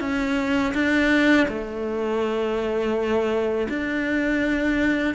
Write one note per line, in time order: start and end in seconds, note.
0.00 0.73 C#4
0.74 1.47 D4
1.48 3.68 A3
3.69 5.15 D4